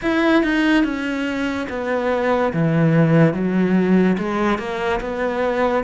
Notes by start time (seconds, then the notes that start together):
0.02 E4
0.43 D#4
0.83 C#4
1.69 B3
2.53 E3
3.33 F#3
4.18 G#3
4.58 A#3
5.00 B3